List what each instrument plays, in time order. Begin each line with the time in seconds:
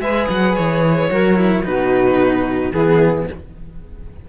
0.00 cello G#3 G#4, saxophone B4, violin E5
0.29 cello F#3, violin F#5
0.55 cello E3, violin C#5
1.09 cello F#3 F#4, saxophone A#4
1.36 cello E4
1.63 cello B2 D#4, saxophone F#4, violin B4
2.72 cello E3 B3, saxophone E4, violin G#4